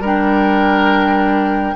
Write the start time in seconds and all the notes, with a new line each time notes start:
0.00 G3 D4 A#4 G5